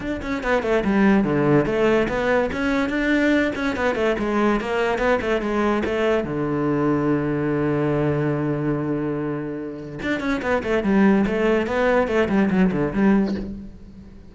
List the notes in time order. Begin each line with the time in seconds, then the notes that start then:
0.00 D4
0.22 C#4
0.43 B3
0.62 A3
0.84 G3
1.23 D3
1.65 A3
2.08 B3
2.52 C#4
2.89 D4
3.55 C#4
3.76 B3
3.95 A3
4.18 G#3
4.60 A#3
4.98 B3
5.21 A3
5.41 G#3
5.85 A3
6.24 D3
10.02 D4
10.20 C#4
10.42 B3
10.63 A3
10.83 G3
11.27 A3
11.66 B3
12.07 A3
12.29 G3
12.50 F#3
12.71 D3
12.93 G3